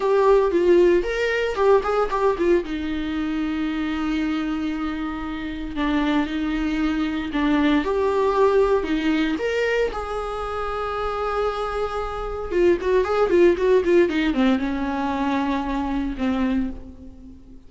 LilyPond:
\new Staff \with { instrumentName = "viola" } { \time 4/4 \tempo 4 = 115 g'4 f'4 ais'4 g'8 gis'8 | g'8 f'8 dis'2.~ | dis'2. d'4 | dis'2 d'4 g'4~ |
g'4 dis'4 ais'4 gis'4~ | gis'1 | f'8 fis'8 gis'8 f'8 fis'8 f'8 dis'8 c'8 | cis'2. c'4 | }